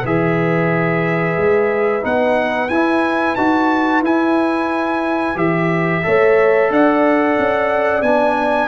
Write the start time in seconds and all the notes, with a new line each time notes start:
0.00 E3 G#4 B4 E5
1.37 G#3
2.02 B3 D#4 F#5
2.69 E4 G#5
3.35 D#4 F#4 A5
4.01 E4 G#5
5.35 E3 G4 E5
6.02 A3 A4 C#5
6.70 D4 D5 F#5
7.38 C#4
8.02 B3 D4 G#5